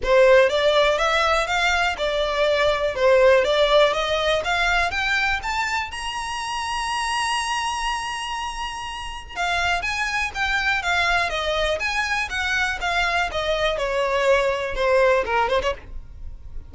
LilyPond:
\new Staff \with { instrumentName = "violin" } { \time 4/4 \tempo 4 = 122 c''4 d''4 e''4 f''4 | d''2 c''4 d''4 | dis''4 f''4 g''4 a''4 | ais''1~ |
ais''2. f''4 | gis''4 g''4 f''4 dis''4 | gis''4 fis''4 f''4 dis''4 | cis''2 c''4 ais'8 c''16 cis''16 | }